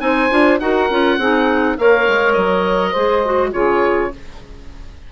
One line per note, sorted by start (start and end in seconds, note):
0.00 0.30 C4
0.00 0.29 D#4
0.00 0.61 C5
0.00 0.60 G#5
0.30 0.60 D4
0.30 0.60 F4
0.60 0.90 D#4
0.60 0.90 F#4
0.60 1.17 A#4
0.60 1.77 F#5
0.90 1.18 C#4
0.90 1.20 F4
1.17 1.77 C4
1.17 1.78 D#4
1.17 1.76 G#4
1.78 2.08 A#3
1.78 2.96 A#4
1.78 2.91 C#5
1.78 2.33 F5
2.08 2.36 G#3
2.33 2.95 F#3
2.33 3.51 D#5
2.91 3.54 G#3
2.91 3.25 G#4
2.91 3.50 C5
3.26 3.52 F#4
3.52 4.12 C#3
3.52 4.11 F4
3.52 4.12 G#4
3.52 4.12 C#5